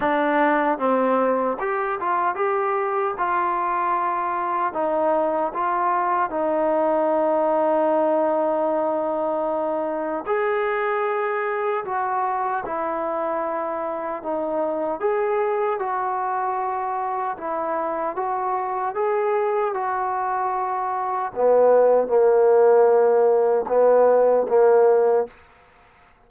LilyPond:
\new Staff \with { instrumentName = "trombone" } { \time 4/4 \tempo 4 = 76 d'4 c'4 g'8 f'8 g'4 | f'2 dis'4 f'4 | dis'1~ | dis'4 gis'2 fis'4 |
e'2 dis'4 gis'4 | fis'2 e'4 fis'4 | gis'4 fis'2 b4 | ais2 b4 ais4 | }